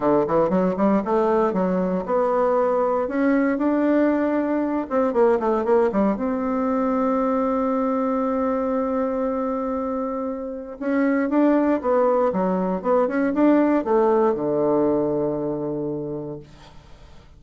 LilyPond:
\new Staff \with { instrumentName = "bassoon" } { \time 4/4 \tempo 4 = 117 d8 e8 fis8 g8 a4 fis4 | b2 cis'4 d'4~ | d'4. c'8 ais8 a8 ais8 g8 | c'1~ |
c'1~ | c'4 cis'4 d'4 b4 | fis4 b8 cis'8 d'4 a4 | d1 | }